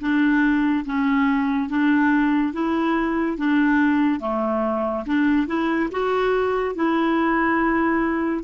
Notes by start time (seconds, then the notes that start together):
0.00 D4
0.85 C#4
1.69 D4
2.53 E4
3.37 D4
4.19 A3
5.06 D4
5.47 E4
5.91 F#4
6.75 E4